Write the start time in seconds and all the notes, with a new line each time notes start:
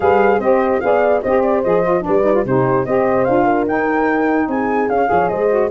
0.00 G3 G#4 B4 F5
0.39 C4 G4 C5 D#5
0.80 B3 G#4 D5 F5
1.22 C4 G4 C5 D#5
1.42 D5
1.63 F3 G#4 D#5
1.82 F4
2.00 D4 B4 D5
2.08 G3
2.24 D#4
2.33 F4
2.45 C3 D#4 G4 C5
2.85 C4 G4 C5 D#5
3.24 D4 F4 F5
3.43 A#4
3.67 D#4 G5
4.47 C4 G#4 G#5
4.89 C#4 F5
5.05 F3 G#4 C#5
5.28 G#3 C5 D#5
5.49 F#4